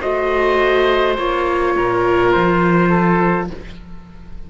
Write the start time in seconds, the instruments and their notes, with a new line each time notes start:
0.00 cello A3, viola F#4, oboe C5, trumpet D#5
1.17 cello A#3, viola F4, trumpet C#5
1.76 cello A#2, oboe A#4
2.32 cello F3, trumpet C5
2.89 oboe A4